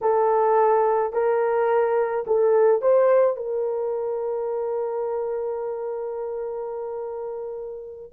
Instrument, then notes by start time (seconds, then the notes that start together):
horn
0.01 A4
1.12 A#4
2.26 A4
2.81 C5
3.36 A#4